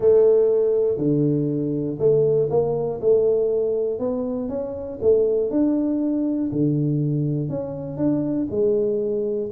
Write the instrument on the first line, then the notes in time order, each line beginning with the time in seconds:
tuba
0.00 A3
0.97 D3
1.98 A3
2.50 A#3
3.00 A3
3.99 B3
4.48 C#4
5.01 A3
5.50 D4
6.51 D3
7.49 C#4
7.97 D4
8.50 G#3